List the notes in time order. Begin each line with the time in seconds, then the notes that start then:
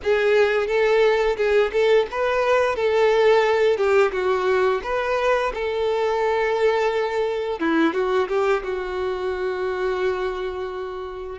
0.03 G#4
0.67 A4
1.36 G#4
1.72 A4
2.11 B4
2.75 A4
3.77 G4
4.12 F#4
4.83 B4
5.54 A4
7.59 E4
7.93 F#4
8.28 G4
8.63 F#4